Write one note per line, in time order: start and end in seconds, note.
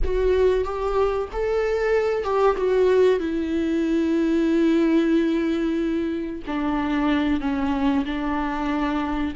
0.04 0.64 F#4
0.64 1.28 G4
1.32 2.24 A4
2.24 2.56 G4
2.57 3.19 F#4
3.19 6.42 E4
6.46 7.40 D4
7.40 8.05 C#4
8.05 9.34 D4